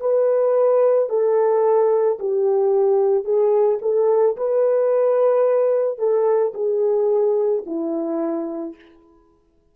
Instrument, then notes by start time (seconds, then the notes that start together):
horn
0.00 B4
1.09 A4
2.19 G4
3.24 G#4
3.82 A4
4.37 B4
5.99 A4
6.54 G#4
7.66 E4